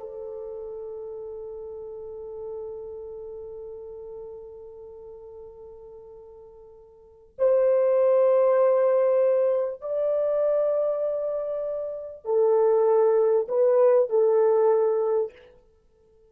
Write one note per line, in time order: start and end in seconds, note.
0.00 7.35 A4
7.38 9.82 C5
9.82 12.25 D5
12.25 13.47 A4
13.49 14.10 B4
14.10 15.32 A4